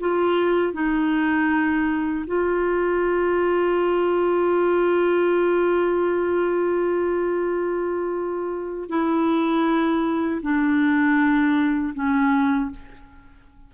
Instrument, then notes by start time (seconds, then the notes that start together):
clarinet
0.00 F4
0.73 D#4
2.27 F4
8.89 E4
10.42 D4
11.94 C#4